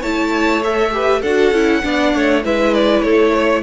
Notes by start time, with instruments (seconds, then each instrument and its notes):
0.00 cello A3, viola E4, violin C#5 A5
0.63 viola A4, violin E5
0.91 viola G4, violin B4
1.21 cello D4, viola F#4, violin A4 F#5
1.52 cello C#4, viola E4
1.82 cello B3, viola D4, violin D5
2.14 cello A3, violin C#5
2.44 cello G#3, viola E4, violin B4 E5
2.73 violin D5
3.02 cello A3, violin A4 C#5
3.33 violin C#5